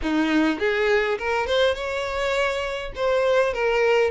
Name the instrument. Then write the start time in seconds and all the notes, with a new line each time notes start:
violin
0.02 D#4
0.59 G#4
1.18 A#4
1.46 C5
1.74 C#5
2.95 C5
3.53 A#4